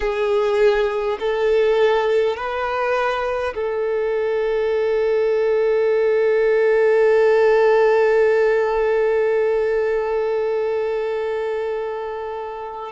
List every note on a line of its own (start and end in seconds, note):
0.00 1.18 G#4
1.19 2.36 A4
2.36 3.53 B4
3.55 12.91 A4